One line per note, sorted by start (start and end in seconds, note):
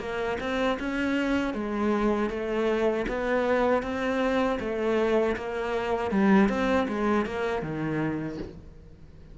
0.00 0.38 A#3
0.40 0.78 C4
0.79 1.54 C#4
1.54 2.30 G#3
2.30 3.06 A3
3.08 3.83 B3
3.83 4.59 C4
4.60 5.36 A3
5.36 6.11 A#3
6.11 6.49 G3
6.49 6.87 C4
6.88 7.26 G#3
7.26 7.62 A#3
7.62 8.38 D#3